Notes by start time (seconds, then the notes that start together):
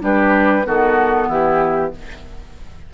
0.00 G3 D4 G4 B4
0.65 D#3 B3 F#4 A4
1.28 E3 E4 G4